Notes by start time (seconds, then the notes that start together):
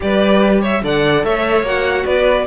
0.00 G3 G4 B4 D5
0.61 C#5 E5
0.82 D3 A4 D5 F#5
1.23 A3 C#5 E5
1.62 A#3 F#4 F#5
2.05 B3 B4 D5